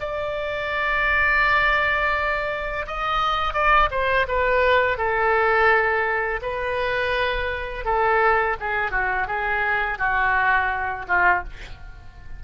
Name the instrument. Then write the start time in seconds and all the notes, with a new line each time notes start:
oboe
0.00 D5
2.87 D#5
3.53 D5
3.90 C5
4.28 B4
4.97 A4
6.42 B4
7.85 A4
8.60 G#4
8.91 F#4
9.27 G#4
9.98 F#4
11.08 F4